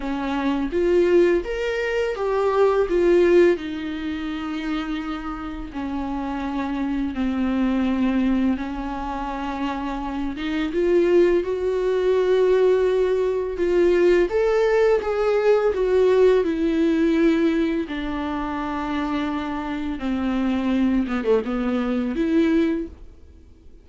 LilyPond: \new Staff \with { instrumentName = "viola" } { \time 4/4 \tempo 4 = 84 cis'4 f'4 ais'4 g'4 | f'4 dis'2. | cis'2 c'2 | cis'2~ cis'8 dis'8 f'4 |
fis'2. f'4 | a'4 gis'4 fis'4 e'4~ | e'4 d'2. | c'4. b16 a16 b4 e'4 | }